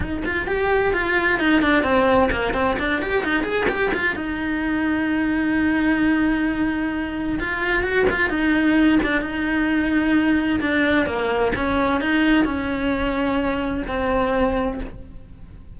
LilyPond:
\new Staff \with { instrumentName = "cello" } { \time 4/4 \tempo 4 = 130 dis'8 f'8 g'4 f'4 dis'8 d'8 | c'4 ais8 c'8 d'8 g'8 dis'8 gis'8 | g'8 f'8 dis'2.~ | dis'1 |
f'4 fis'8 f'8 dis'4. d'8 | dis'2. d'4 | ais4 cis'4 dis'4 cis'4~ | cis'2 c'2 | }